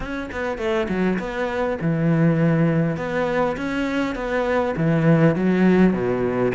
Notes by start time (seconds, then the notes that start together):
0.00 C#4
0.31 B3
0.58 A3
0.88 F#3
1.19 B3
1.81 E3
2.96 B3
3.56 C#4
4.15 B3
4.76 E3
5.35 F#3
5.93 B2